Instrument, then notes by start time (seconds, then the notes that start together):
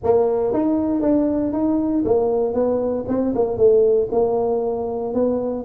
tuba
0.03 A#3
0.53 D#4
1.01 D4
1.52 D#4
2.04 A#3
2.53 B3
3.08 C4
3.35 A#3
3.57 A3
4.11 A#3
5.14 B3